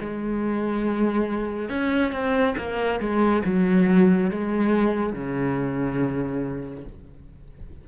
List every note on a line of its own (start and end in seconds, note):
0.00 1.69 G#3
1.69 2.12 C#4
2.12 2.55 C4
2.58 3.00 A#3
3.00 3.43 G#3
3.45 4.31 F#3
4.31 5.13 G#3
5.13 6.84 C#3